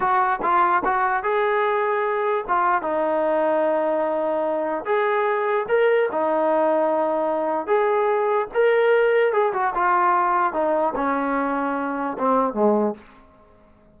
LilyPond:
\new Staff \with { instrumentName = "trombone" } { \time 4/4 \tempo 4 = 148 fis'4 f'4 fis'4 gis'4~ | gis'2 f'4 dis'4~ | dis'1 | gis'2 ais'4 dis'4~ |
dis'2. gis'4~ | gis'4 ais'2 gis'8 fis'8 | f'2 dis'4 cis'4~ | cis'2 c'4 gis4 | }